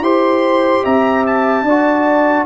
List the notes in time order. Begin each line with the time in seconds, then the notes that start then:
0.00 E4 G4 C5 C6
0.84 C4 E5 A#5
1.26 A5
1.62 D4 D5
1.69 F#4